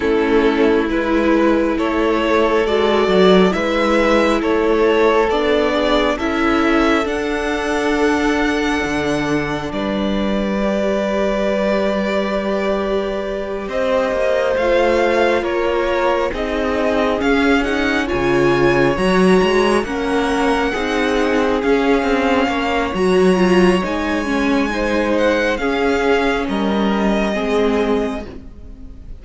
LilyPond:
<<
  \new Staff \with { instrumentName = "violin" } { \time 4/4 \tempo 4 = 68 a'4 b'4 cis''4 d''4 | e''4 cis''4 d''4 e''4 | fis''2. d''4~ | d''2.~ d''8 dis''8~ |
dis''8 f''4 cis''4 dis''4 f''8 | fis''8 gis''4 ais''4 fis''4.~ | fis''8 f''4. ais''4 gis''4~ | gis''8 fis''8 f''4 dis''2 | }
  \new Staff \with { instrumentName = "violin" } { \time 4/4 e'2 a'2 | b'4 a'4. gis'8 a'4~ | a'2. b'4~ | b'2.~ b'8 c''8~ |
c''4. ais'4 gis'4.~ | gis'8 cis''2 ais'4 gis'8~ | gis'4. cis''2~ cis''8 | c''4 gis'4 ais'4 gis'4 | }
  \new Staff \with { instrumentName = "viola" } { \time 4/4 cis'4 e'2 fis'4 | e'2 d'4 e'4 | d'1 | g'1~ |
g'8 f'2 dis'4 cis'8 | dis'8 f'4 fis'4 cis'4 dis'8~ | dis'8 cis'4. fis'8 f'8 dis'8 cis'8 | dis'4 cis'2 c'4 | }
  \new Staff \with { instrumentName = "cello" } { \time 4/4 a4 gis4 a4 gis8 fis8 | gis4 a4 b4 cis'4 | d'2 d4 g4~ | g2.~ g8 c'8 |
ais8 a4 ais4 c'4 cis'8~ | cis'8 cis4 fis8 gis8 ais4 c'8~ | c'8 cis'8 c'8 ais8 fis4 gis4~ | gis4 cis'4 g4 gis4 | }
>>